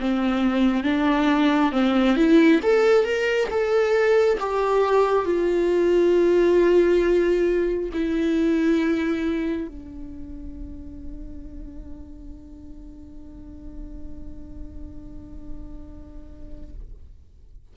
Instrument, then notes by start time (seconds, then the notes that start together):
viola
0.00 C4
0.84 D4
1.72 C4
2.16 E4
2.63 A4
3.04 A#4
3.51 A4
4.40 G4
5.25 F4
7.93 E4
9.68 D4